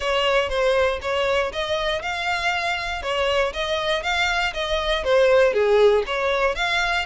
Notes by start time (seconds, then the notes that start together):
0.00 C#5
0.49 C5
1.01 C#5
1.52 D#5
2.02 F5
3.02 C#5
3.53 D#5
4.02 F5
4.53 D#5
5.04 C5
5.53 G#4
6.06 C#5
6.55 F5